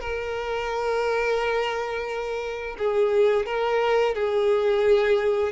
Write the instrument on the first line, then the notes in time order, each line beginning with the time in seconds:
violin
0.00 A#4
2.78 G#4
3.45 A#4
4.14 G#4